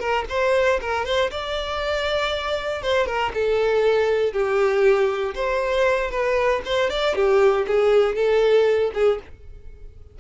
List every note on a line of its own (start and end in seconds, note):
0.00 0.25 A#4
0.30 0.80 C5
0.82 1.06 A#4
1.06 1.31 C5
1.31 2.83 D5
2.83 3.07 C5
3.07 3.32 A#4
3.34 4.33 A4
4.33 5.35 G4
5.35 6.11 C5
6.11 6.62 B4
6.66 6.90 C5
6.90 7.16 D5
7.16 7.67 G4
7.68 8.16 G#4
8.16 8.92 A4
8.94 9.20 G#4